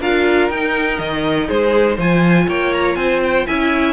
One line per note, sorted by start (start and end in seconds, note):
0.00 0.50 D4
0.00 0.51 F4
0.00 1.47 A#4
0.00 0.50 F5
0.50 0.99 D#4
0.50 1.99 D#4
0.50 0.99 G5
0.99 1.49 D#3
0.99 1.49 D#5
1.47 1.98 G#3
1.47 1.96 G#4
1.47 1.98 C5
1.96 2.48 F3
1.96 3.48 F4
1.96 2.46 C5
1.96 2.50 G#5
2.48 2.96 A#3
2.48 2.97 C#5
2.48 2.73 G5
2.73 2.96 A#5
2.96 3.46 C4
2.96 3.47 C5
2.96 3.20 G#5
3.23 3.47 G5
3.47 3.93 C#4
3.47 3.93 E4
3.47 3.93 E5
3.47 3.93 G#5